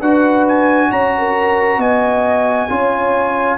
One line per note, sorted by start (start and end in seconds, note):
0.00 0.91 D4
0.00 2.69 F#4
0.00 0.90 B4
0.00 0.46 F#5
0.48 0.92 G#5
0.91 1.78 C#4
0.91 1.14 C#5
0.91 1.81 A#5
1.18 1.80 A#4
1.78 2.68 B3
1.78 2.69 D#5
1.78 3.59 G#5
2.69 3.59 C#4
2.69 3.59 F4
2.69 3.59 C#5